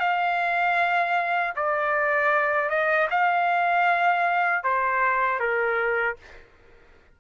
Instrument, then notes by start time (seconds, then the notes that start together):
trumpet
0.00 F5
1.56 D5
2.70 D#5
3.10 F5
4.64 C5
5.40 A#4